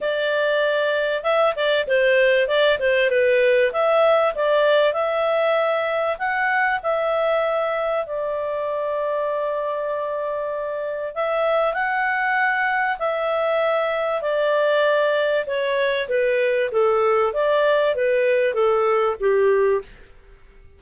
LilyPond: \new Staff \with { instrumentName = "clarinet" } { \time 4/4 \tempo 4 = 97 d''2 e''8 d''8 c''4 | d''8 c''8 b'4 e''4 d''4 | e''2 fis''4 e''4~ | e''4 d''2.~ |
d''2 e''4 fis''4~ | fis''4 e''2 d''4~ | d''4 cis''4 b'4 a'4 | d''4 b'4 a'4 g'4 | }